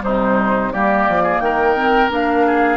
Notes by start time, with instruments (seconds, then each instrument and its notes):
0.00 bassoon C3, clarinet G3, oboe D#4, flute C5
0.73 bassoon G3, clarinet A#3, oboe G4, flute D5
1.08 bassoon F3
1.23 oboe G#4
1.40 bassoon D#3, oboe A#4, flute G5
1.75 clarinet C4
2.10 bassoon A#3, clarinet D4, flute F5
2.46 oboe G#4